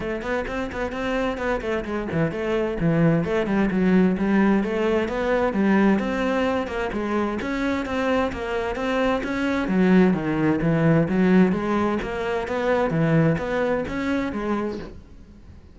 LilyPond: \new Staff \with { instrumentName = "cello" } { \time 4/4 \tempo 4 = 130 a8 b8 c'8 b8 c'4 b8 a8 | gis8 e8 a4 e4 a8 g8 | fis4 g4 a4 b4 | g4 c'4. ais8 gis4 |
cis'4 c'4 ais4 c'4 | cis'4 fis4 dis4 e4 | fis4 gis4 ais4 b4 | e4 b4 cis'4 gis4 | }